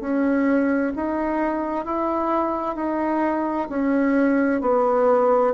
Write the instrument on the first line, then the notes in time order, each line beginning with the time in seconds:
bassoon
0.00 C#4
0.95 D#4
1.85 E4
2.75 D#4
3.69 C#4
4.61 B3